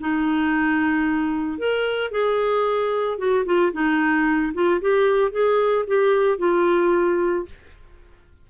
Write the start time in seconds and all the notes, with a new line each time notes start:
0.00 D#4
1.58 A#4
2.11 G#4
3.18 F#4
3.45 F4
3.72 D#4
4.53 F4
4.81 G4
5.31 G#4
5.87 G4
6.38 F4